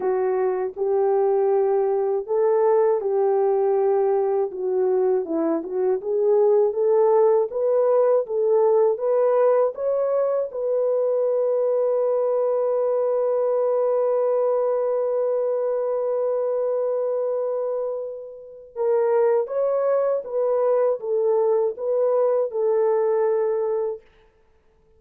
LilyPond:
\new Staff \with { instrumentName = "horn" } { \time 4/4 \tempo 4 = 80 fis'4 g'2 a'4 | g'2 fis'4 e'8 fis'8 | gis'4 a'4 b'4 a'4 | b'4 cis''4 b'2~ |
b'1~ | b'1~ | b'4 ais'4 cis''4 b'4 | a'4 b'4 a'2 | }